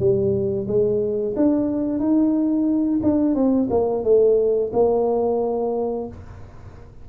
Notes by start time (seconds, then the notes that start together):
0.00 G3
0.68 G#3
1.37 D4
1.99 D#4
3.03 D4
3.35 C4
3.70 A#3
4.04 A3
4.73 A#3